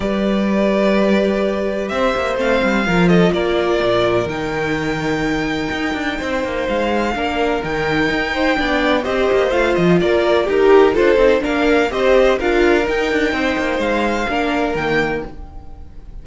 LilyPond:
<<
  \new Staff \with { instrumentName = "violin" } { \time 4/4 \tempo 4 = 126 d''1 | e''4 f''4. dis''8 d''4~ | d''4 g''2.~ | g''2 f''2 |
g''2. dis''4 | f''8 dis''8 d''4 ais'4 c''4 | f''4 dis''4 f''4 g''4~ | g''4 f''2 g''4 | }
  \new Staff \with { instrumentName = "violin" } { \time 4/4 b'1 | c''2 ais'8 a'8 ais'4~ | ais'1~ | ais'4 c''2 ais'4~ |
ais'4. c''8 d''4 c''4~ | c''4 ais'4 g'4 a'4 | ais'4 c''4 ais'2 | c''2 ais'2 | }
  \new Staff \with { instrumentName = "viola" } { \time 4/4 g'1~ | g'4 c'4 f'2~ | f'4 dis'2.~ | dis'2. d'4 |
dis'2 d'4 g'4 | f'2 g'4 f'8 dis'8 | d'4 g'4 f'4 dis'4~ | dis'2 d'4 ais4 | }
  \new Staff \with { instrumentName = "cello" } { \time 4/4 g1 | c'8 ais8 a8 g8 f4 ais4 | ais,4 dis2. | dis'8 d'8 c'8 ais8 gis4 ais4 |
dis4 dis'4 b4 c'8 ais8 | a8 f8 ais4 dis'4 d'8 c'8 | ais4 c'4 d'4 dis'8 d'8 | c'8 ais8 gis4 ais4 dis4 | }
>>